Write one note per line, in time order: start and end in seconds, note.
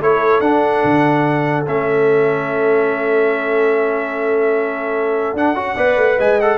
0.00 0.39 A3
0.00 0.42 E4
0.00 5.74 A4
0.00 0.40 C#5
0.39 0.81 D4
0.39 1.65 D4
0.39 1.63 F#5
0.84 1.66 D3
1.66 5.33 A3
1.66 5.36 C#4
1.66 5.37 E5
5.33 5.54 D4
5.33 5.55 D4
5.33 6.19 F#5
5.54 5.74 C#4
5.54 5.76 F#4
5.74 5.96 B3
5.74 6.39 B4
5.74 6.15 D5
5.96 6.17 A3
6.18 6.58 G#3
6.18 6.58 D#5
6.18 6.40 G#5
6.40 6.58 A4
6.40 6.58 F#5